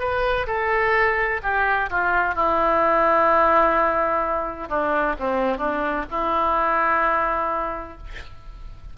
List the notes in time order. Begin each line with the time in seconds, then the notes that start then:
0.00 B4
0.47 A4
1.43 G4
1.90 F4
2.35 E4
4.69 D4
5.19 C4
5.58 D4
6.11 E4